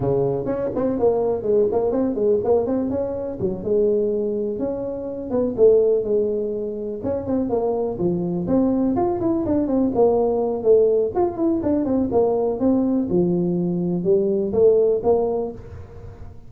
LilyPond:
\new Staff \with { instrumentName = "tuba" } { \time 4/4 \tempo 4 = 124 cis4 cis'8 c'8 ais4 gis8 ais8 | c'8 gis8 ais8 c'8 cis'4 fis8 gis8~ | gis4. cis'4. b8 a8~ | a8 gis2 cis'8 c'8 ais8~ |
ais8 f4 c'4 f'8 e'8 d'8 | c'8 ais4. a4 f'8 e'8 | d'8 c'8 ais4 c'4 f4~ | f4 g4 a4 ais4 | }